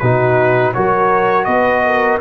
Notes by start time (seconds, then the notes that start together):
0.00 B2 D#4 F#4 B4
0.75 F#3 F#4 A#4 C#5
1.45 B3 B4 D#5
1.86 A#4